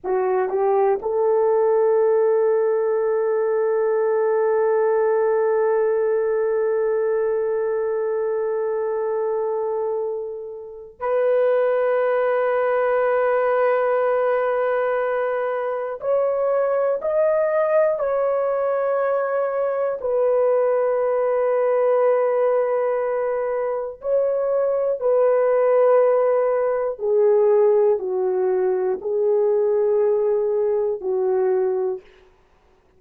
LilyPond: \new Staff \with { instrumentName = "horn" } { \time 4/4 \tempo 4 = 60 fis'8 g'8 a'2.~ | a'1~ | a'2. b'4~ | b'1 |
cis''4 dis''4 cis''2 | b'1 | cis''4 b'2 gis'4 | fis'4 gis'2 fis'4 | }